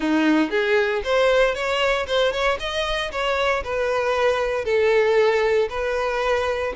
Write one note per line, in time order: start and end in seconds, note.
0.00 0.50 D#4
0.50 1.02 G#4
1.03 1.54 C5
1.54 2.06 C#5
2.06 2.32 C5
2.32 2.58 C#5
2.59 3.11 D#5
3.11 3.63 C#5
3.63 4.65 B4
4.65 5.68 A4
5.69 6.73 B4